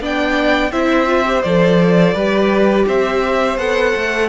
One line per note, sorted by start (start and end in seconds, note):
0.00 0.71 B3
0.00 0.72 D4
0.00 0.72 D5
0.00 0.72 G5
0.72 1.44 C4
0.72 1.07 E4
0.72 2.14 C5
0.72 1.42 E5
1.07 1.24 F4
1.26 1.44 G4
1.42 2.14 F3
1.42 2.16 A4
1.42 2.85 D5
2.14 2.86 G3
2.14 3.58 G4
2.14 2.86 B4
2.87 3.57 C4
2.87 4.29 C5
2.87 3.58 E5
3.57 3.93 B3
3.57 4.29 A4
3.57 4.29 F#5
3.95 4.29 A3